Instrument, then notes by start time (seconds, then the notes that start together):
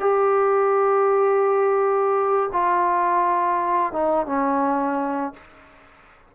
trombone
0.00 G4
2.53 F4
3.93 D#4
4.26 C#4